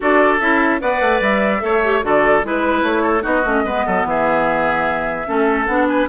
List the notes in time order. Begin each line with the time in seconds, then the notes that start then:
0.00 D4 F#4 A4 D5
0.40 C#4 E4 E5
0.80 B3 B4 D5 F#5
1.00 A3
1.20 G3 E5
1.60 A3 A4 C#5
1.83 G4
2.02 D3 F#4 A4 D5
2.43 G#3 E4 B4
2.82 A3 C#5
3.02 A4
3.20 B3 D#4 F#4 D#5
3.45 A3 C#4
3.64 G#3 B3 B4
3.86 F#3 A4
4.04 E3 G#4 E5
5.26 A3 C#4 A4
5.65 B3 D4 F#5
5.87 B4 G#5